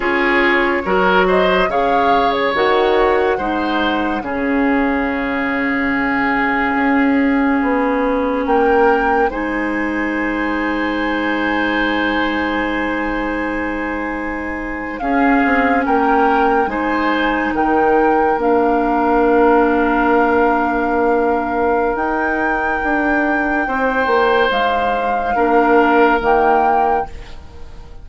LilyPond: <<
  \new Staff \with { instrumentName = "flute" } { \time 4/4 \tempo 4 = 71 cis''4. dis''8 f''8. cis''16 fis''4~ | fis''4 f''2.~ | f''2 g''4 gis''4~ | gis''1~ |
gis''4.~ gis''16 f''4 g''4 gis''16~ | gis''8. g''4 f''2~ f''16~ | f''2 g''2~ | g''4 f''2 g''4 | }
  \new Staff \with { instrumentName = "oboe" } { \time 4/4 gis'4 ais'8 c''8 cis''2 | c''4 gis'2.~ | gis'2 ais'4 c''4~ | c''1~ |
c''4.~ c''16 gis'4 ais'4 c''16~ | c''8. ais'2.~ ais'16~ | ais'1 | c''2 ais'2 | }
  \new Staff \with { instrumentName = "clarinet" } { \time 4/4 f'4 fis'4 gis'4 fis'4 | dis'4 cis'2.~ | cis'2. dis'4~ | dis'1~ |
dis'4.~ dis'16 cis'2 dis'16~ | dis'4.~ dis'16 d'2~ d'16~ | d'2 dis'2~ | dis'2 d'4 ais4 | }
  \new Staff \with { instrumentName = "bassoon" } { \time 4/4 cis'4 fis4 cis4 dis4 | gis4 cis2. | cis'4 b4 ais4 gis4~ | gis1~ |
gis4.~ gis16 cis'8 c'8 ais4 gis16~ | gis8. dis4 ais2~ ais16~ | ais2 dis'4 d'4 | c'8 ais8 gis4 ais4 dis4 | }
>>